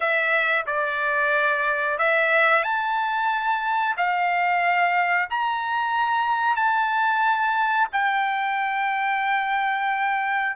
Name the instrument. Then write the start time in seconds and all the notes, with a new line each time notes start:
trumpet
0.00 E5
0.66 D5
1.98 E5
2.63 A5
3.97 F5
5.30 A#5
6.56 A5
7.92 G5